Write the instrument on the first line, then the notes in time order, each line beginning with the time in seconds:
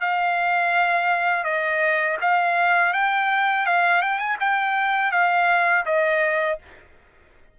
trumpet
0.00 F5
1.44 D#5
2.21 F5
2.93 G5
3.66 F5
4.02 G5
4.18 G#5
4.40 G5
5.11 F5
5.85 D#5